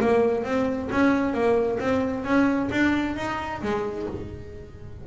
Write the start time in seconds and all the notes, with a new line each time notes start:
0.00 A#3
0.44 C4
0.91 C#4
1.33 A#3
1.79 C4
2.24 C#4
2.71 D4
3.16 D#4
3.62 G#3